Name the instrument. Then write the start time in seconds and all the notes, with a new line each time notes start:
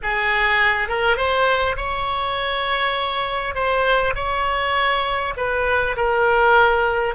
oboe
0.02 G#4
0.88 A#4
1.16 C5
1.76 C#5
3.54 C5
4.15 C#5
5.36 B4
5.96 A#4